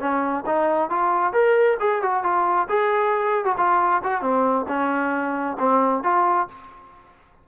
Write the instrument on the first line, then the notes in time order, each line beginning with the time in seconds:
trombone
0.00 C#4
0.46 D#4
0.90 F4
1.33 A#4
1.80 G#4
2.02 F#4
2.23 F4
2.69 G#4
3.44 F#4
3.58 F4
4.04 F#4
4.21 C4
4.68 C#4
5.59 C4
6.03 F4